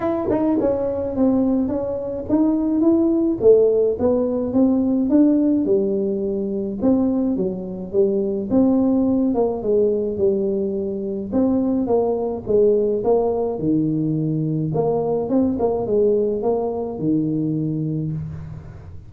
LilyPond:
\new Staff \with { instrumentName = "tuba" } { \time 4/4 \tempo 4 = 106 e'8 dis'8 cis'4 c'4 cis'4 | dis'4 e'4 a4 b4 | c'4 d'4 g2 | c'4 fis4 g4 c'4~ |
c'8 ais8 gis4 g2 | c'4 ais4 gis4 ais4 | dis2 ais4 c'8 ais8 | gis4 ais4 dis2 | }